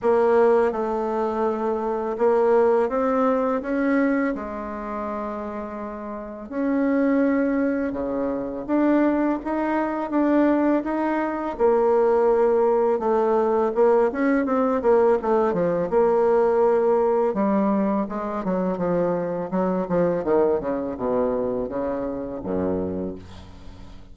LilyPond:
\new Staff \with { instrumentName = "bassoon" } { \time 4/4 \tempo 4 = 83 ais4 a2 ais4 | c'4 cis'4 gis2~ | gis4 cis'2 cis4 | d'4 dis'4 d'4 dis'4 |
ais2 a4 ais8 cis'8 | c'8 ais8 a8 f8 ais2 | g4 gis8 fis8 f4 fis8 f8 | dis8 cis8 b,4 cis4 fis,4 | }